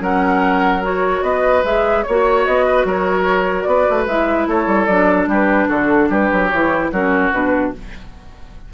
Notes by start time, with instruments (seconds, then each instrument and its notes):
0.00 bassoon F#3, clarinet C#4, oboe A#4, flute F#5
0.82 clarinet F#4, flute C#5
1.22 bassoon B3, oboe B4, flute D#5
1.64 bassoon G#3, clarinet G#4, flute E5
2.03 bassoon A#3, flute C#5, oboe C#5
2.10 clarinet F#4
2.45 bassoon B3, flute D#5
2.66 oboe B4
2.84 bassoon F#3, oboe A#4, flute C#5
3.62 bassoon B3, oboe B4, flute D5
3.90 bassoon A3
4.06 bassoon G#3, clarinet E4, flute E5
4.48 bassoon A3, oboe A4, flute C#5
4.67 bassoon G3
4.86 bassoon F#3, clarinet D4, flute D5
5.27 bassoon G3, oboe G4
5.33 flute B4
5.68 bassoon D3, oboe F#4, flute A4
6.10 bassoon G3, oboe G4, flute B4
6.32 bassoon F#3
6.48 bassoon E3, clarinet E4, flute C#5
6.91 bassoon F#3, clarinet C#4, oboe F#4, flute A#4
7.33 bassoon B2, clarinet D4, flute B4